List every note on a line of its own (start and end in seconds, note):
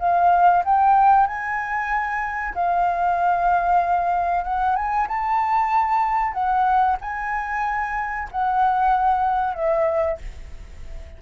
0.00 0.64 F5
0.65 1.27 G5
1.27 2.54 G#5
2.55 4.44 F5
4.44 4.76 F#5
4.76 5.08 G#5
5.08 6.33 A5
6.33 6.97 F#5
7.02 8.29 G#5
8.32 9.55 F#5
9.55 10.18 E5